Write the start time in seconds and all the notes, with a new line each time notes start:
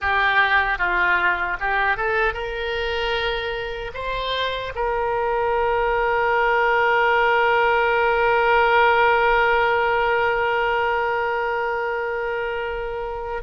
0.01 G4
0.78 F4
1.60 G4
1.96 A4
2.33 A#4
3.93 C5
4.75 A#4